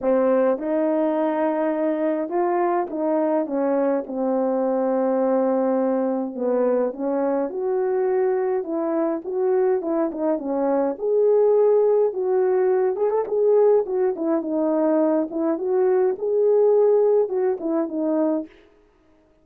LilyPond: \new Staff \with { instrumentName = "horn" } { \time 4/4 \tempo 4 = 104 c'4 dis'2. | f'4 dis'4 cis'4 c'4~ | c'2. b4 | cis'4 fis'2 e'4 |
fis'4 e'8 dis'8 cis'4 gis'4~ | gis'4 fis'4. gis'16 a'16 gis'4 | fis'8 e'8 dis'4. e'8 fis'4 | gis'2 fis'8 e'8 dis'4 | }